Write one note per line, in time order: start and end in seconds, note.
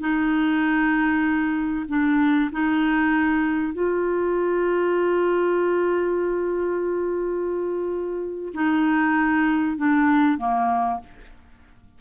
0.00 1.86 D#4
1.88 2.50 D4
2.52 3.73 D#4
3.73 8.52 F4
8.54 9.77 D#4
9.77 10.38 D4
10.38 11.00 A#3